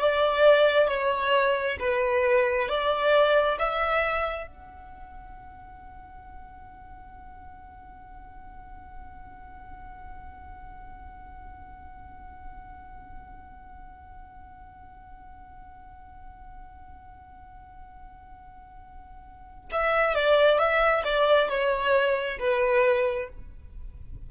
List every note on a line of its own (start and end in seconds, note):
0.00 0.88 D5
0.88 1.77 C#5
1.79 2.68 B4
2.68 3.58 D5
3.59 4.47 E5
4.47 19.69 F#5
19.71 20.14 E5
20.14 20.58 D5
20.58 21.03 E5
21.04 21.48 D5
21.48 22.38 C#5
22.39 23.28 B4